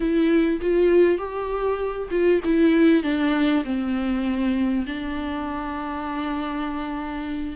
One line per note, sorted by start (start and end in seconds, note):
0.00 0.60 E4
0.61 1.17 F4
1.17 2.08 G4
2.10 2.40 F4
2.44 3.03 E4
3.03 3.63 D4
3.64 4.85 C4
4.86 7.55 D4